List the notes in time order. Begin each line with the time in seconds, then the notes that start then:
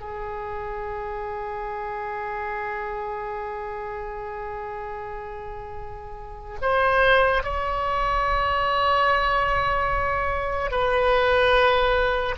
0.00 G#4
6.61 C5
7.43 C#5
10.71 B4